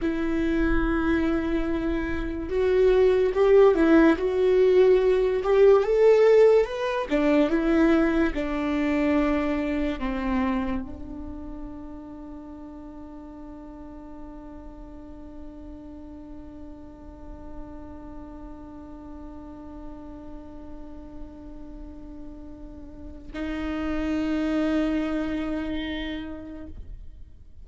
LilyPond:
\new Staff \with { instrumentName = "viola" } { \time 4/4 \tempo 4 = 72 e'2. fis'4 | g'8 e'8 fis'4. g'8 a'4 | b'8 d'8 e'4 d'2 | c'4 d'2.~ |
d'1~ | d'1~ | d'1 | dis'1 | }